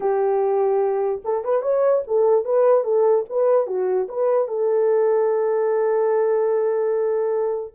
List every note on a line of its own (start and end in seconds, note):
0.00 1.22 G4
1.24 1.44 A4
1.44 1.62 B4
1.62 2.03 C#5
2.07 2.45 A4
2.45 2.84 B4
2.84 3.24 A4
3.29 3.67 B4
3.67 4.07 F#4
4.08 4.48 B4
4.48 7.74 A4